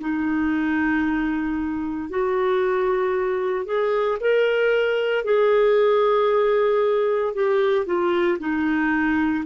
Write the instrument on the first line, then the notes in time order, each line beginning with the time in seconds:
clarinet
0.00 D#4
2.10 F#4
3.66 G#4
4.21 A#4
5.24 G#4
7.34 G4
7.86 F4
8.39 D#4